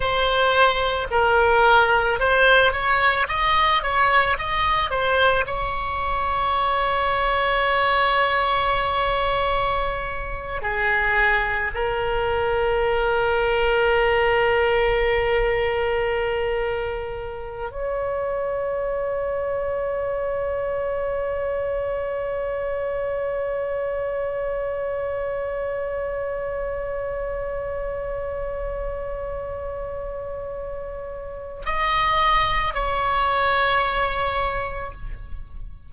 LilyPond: \new Staff \with { instrumentName = "oboe" } { \time 4/4 \tempo 4 = 55 c''4 ais'4 c''8 cis''8 dis''8 cis''8 | dis''8 c''8 cis''2.~ | cis''4.~ cis''16 gis'4 ais'4~ ais'16~ | ais'1~ |
ais'16 cis''2.~ cis''8.~ | cis''1~ | cis''1~ | cis''4 dis''4 cis''2 | }